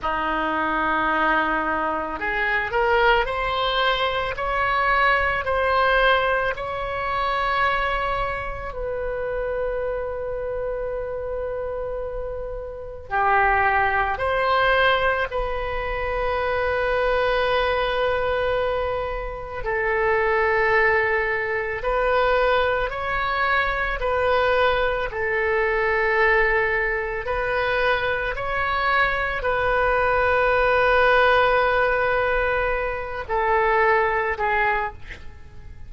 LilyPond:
\new Staff \with { instrumentName = "oboe" } { \time 4/4 \tempo 4 = 55 dis'2 gis'8 ais'8 c''4 | cis''4 c''4 cis''2 | b'1 | g'4 c''4 b'2~ |
b'2 a'2 | b'4 cis''4 b'4 a'4~ | a'4 b'4 cis''4 b'4~ | b'2~ b'8 a'4 gis'8 | }